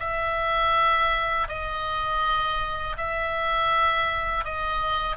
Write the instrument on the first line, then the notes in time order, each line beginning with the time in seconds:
oboe
0.00 E5
1.49 D#5
2.97 E5
4.45 D#5